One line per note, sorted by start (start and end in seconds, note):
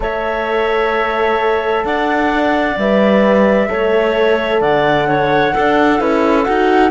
0.00 1.83 A3
0.00 2.76 A4
0.00 1.85 C#5
0.00 1.85 E5
1.84 2.76 D4
1.84 3.69 D5
1.84 2.77 F#5
2.77 3.69 G3
2.77 3.68 B4
2.77 4.61 E5
3.68 4.60 A3
3.68 5.53 A4
3.68 4.61 C#5
4.60 5.53 D3
4.60 5.07 D5
4.60 6.00 F#5
5.07 5.53 C#5
5.53 5.97 D4
5.53 6.00 D4
5.53 6.90 A4
5.97 6.46 C#4
5.97 6.43 E4
5.97 6.43 B4
6.43 6.90 D#4
6.43 6.90 F#4
6.43 6.90 F#5